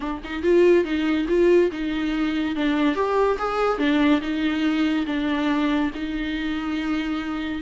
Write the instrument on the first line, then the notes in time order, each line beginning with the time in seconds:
viola
0.00 D4
0.24 D#4
0.42 F4
0.84 D#4
1.28 F4
1.71 D#4
2.55 D4
2.95 G4
3.38 G#4
3.78 D4
4.21 D#4
5.06 D4
5.94 D#4